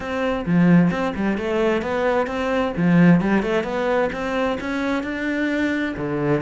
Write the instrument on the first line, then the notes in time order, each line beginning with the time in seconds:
cello
0.00 C4
0.45 F3
0.90 C4
1.15 G3
1.37 A3
1.82 B3
2.27 C4
2.76 F3
3.20 G3
3.42 A3
3.63 B3
4.12 C4
4.60 C#4
5.03 D4
5.97 D3